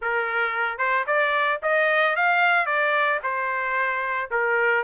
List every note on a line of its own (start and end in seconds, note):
0.01 0.78 A#4
0.78 1.04 C5
1.07 1.60 D5
1.62 2.16 D#5
2.16 2.65 F5
2.65 3.19 D5
3.23 4.30 C5
4.30 4.83 A#4